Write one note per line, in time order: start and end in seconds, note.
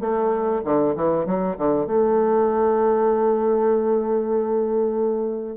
0.00 0.62 A3
0.64 0.95 D3
0.96 1.25 E3
1.25 1.56 F#3
1.57 1.86 D3
1.86 5.56 A3